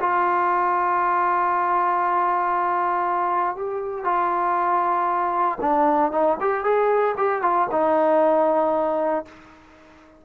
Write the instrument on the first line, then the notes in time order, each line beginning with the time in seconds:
trombone
0.00 F4
3.56 G4
4.04 F4
5.60 D4
6.11 D#4
6.40 G4
6.64 G#4
7.17 G4
7.42 F4
7.71 D#4